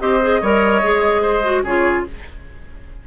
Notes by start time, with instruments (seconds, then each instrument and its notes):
0.00 bassoon C4, clarinet G4, oboe C5, flute D#5
0.22 clarinet G#4
0.41 bassoon G3, clarinet A#4, oboe C#5
0.82 bassoon G#3, clarinet G#4
1.22 oboe C5
1.44 clarinet F#4
1.62 bassoon C#3, clarinet F4, oboe G#4, flute C#5